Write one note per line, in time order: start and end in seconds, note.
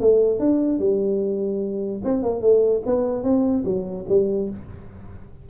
0.00 0.39 A3
0.39 0.79 D4
0.79 2.01 G3
2.04 2.23 C4
2.23 2.41 A#3
2.41 2.82 A3
2.86 3.23 B3
3.23 3.64 C4
3.64 4.05 F#3
4.09 4.49 G3